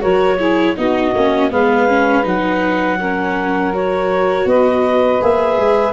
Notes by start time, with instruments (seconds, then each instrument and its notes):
0.00 tuba F#3, viola F#4, saxophone A#4, clarinet C#5
0.38 viola E4, saxophone G#4
0.76 tuba B3, viola D#4, saxophone F#4, clarinet D#5
1.15 tuba A#3, viola C#4
1.51 tuba G#3, viola B3, saxophone B4, clarinet F5
1.88 viola C#4
2.23 tuba F#3, viola D#4, clarinet F#5
3.00 viola C#4, saxophone A#4
3.73 viola F#4, clarinet C#5
4.45 tuba B3, saxophone B4, clarinet D#5
5.21 tuba A#3, viola G#4, clarinet E5
5.58 tuba G#3